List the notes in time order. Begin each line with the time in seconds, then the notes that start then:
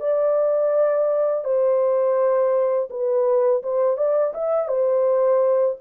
0.00 D5
1.44 C5
2.90 B4
3.62 C5
3.97 D5
4.34 E5
4.68 C5